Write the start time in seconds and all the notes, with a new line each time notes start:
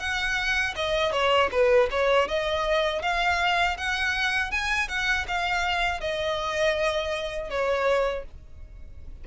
0.00 F#5
0.76 D#5
1.12 C#5
1.52 B4
1.91 C#5
2.28 D#5
3.02 F5
3.78 F#5
4.52 G#5
4.89 F#5
5.28 F5
6.01 D#5
7.50 C#5